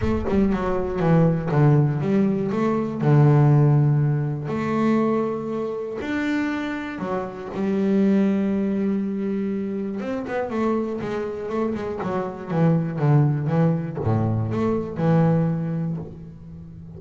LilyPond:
\new Staff \with { instrumentName = "double bass" } { \time 4/4 \tempo 4 = 120 a8 g8 fis4 e4 d4 | g4 a4 d2~ | d4 a2. | d'2 fis4 g4~ |
g1 | c'8 b8 a4 gis4 a8 gis8 | fis4 e4 d4 e4 | a,4 a4 e2 | }